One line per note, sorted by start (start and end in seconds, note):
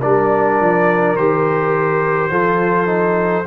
0.00 0.60 G3
0.00 1.18 D4
0.00 2.31 A#4
0.00 1.16 D5
0.60 1.14 F3
1.14 2.30 D#3
1.14 2.31 G4
1.14 3.47 C5
2.30 3.45 F3
2.30 2.86 F4
2.30 3.46 A4
2.86 3.44 D#4